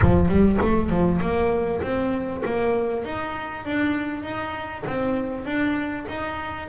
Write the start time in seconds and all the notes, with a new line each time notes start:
0.01 F3
0.28 G3
0.61 A3
0.89 F3
1.20 A#3
1.82 C4
2.45 A#3
3.04 D#4
3.65 D4
4.23 D#4
4.86 C4
5.45 D4
6.08 D#4